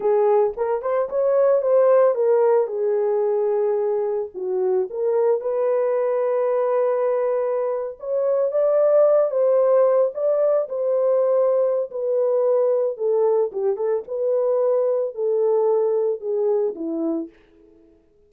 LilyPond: \new Staff \with { instrumentName = "horn" } { \time 4/4 \tempo 4 = 111 gis'4 ais'8 c''8 cis''4 c''4 | ais'4 gis'2. | fis'4 ais'4 b'2~ | b'2~ b'8. cis''4 d''16~ |
d''4~ d''16 c''4. d''4 c''16~ | c''2 b'2 | a'4 g'8 a'8 b'2 | a'2 gis'4 e'4 | }